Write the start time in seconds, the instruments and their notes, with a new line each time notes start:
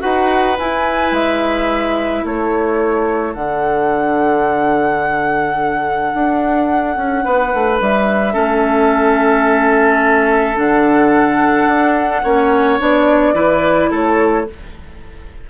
0.00 bassoon D#4, clarinet F#4, oboe B4, flute F#5
0.58 bassoon E4, clarinet E4, flute G#5
1.11 bassoon G#3, flute E5
2.24 bassoon A3, oboe A4, flute C#5
3.34 bassoon D3, clarinet D4, flute F#5
6.14 bassoon D4
6.96 bassoon C#4
7.24 bassoon B3, oboe B4
7.53 bassoon A3
7.80 bassoon G3, flute E5
8.33 bassoon A3, clarinet C#4, oboe A4
10.55 bassoon D3, clarinet D4, flute F#5
11.67 bassoon D4
12.23 bassoon A#3, clarinet C#4, oboe C#5
12.80 bassoon B3, clarinet D4, flute D5
13.34 bassoon E3, clarinet E4, oboe B4
13.91 bassoon A3, oboe A4, flute C#5